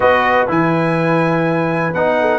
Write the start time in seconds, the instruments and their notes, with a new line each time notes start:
0.00 tuba B3, trombone F#4, horn B4, trumpet D#5
0.47 tuba E3, trombone E4, trumpet G#5
1.93 tuba B3, trombone D#4, trumpet F#5
2.20 horn A4